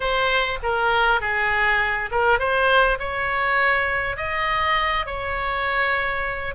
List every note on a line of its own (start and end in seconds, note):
0.00 0.58 C5
0.62 1.20 A#4
1.20 2.10 G#4
2.11 2.39 A#4
2.39 2.98 C5
2.99 4.16 C#5
4.16 5.05 D#5
5.06 6.54 C#5